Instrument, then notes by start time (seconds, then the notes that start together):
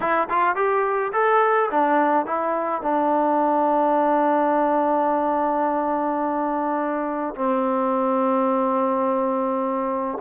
trombone
0.00 E4
0.29 F4
0.55 G4
1.12 A4
1.71 D4
2.25 E4
2.82 D4
7.35 C4